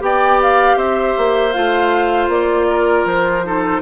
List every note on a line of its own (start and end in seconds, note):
0.00 0.76 B3
0.00 1.52 G4
0.00 0.77 D5
0.00 0.41 G5
0.42 0.78 F5
0.76 1.14 C4
0.76 2.67 C5
0.76 1.53 E5
1.17 1.55 A#3
1.53 2.28 A3
1.53 3.44 F4
1.53 2.29 F5
2.28 3.04 A#3
2.28 3.06 D5
2.70 3.46 A#4
3.05 3.81 F3
3.05 3.81 C5
3.44 3.81 D#4
3.44 3.81 A4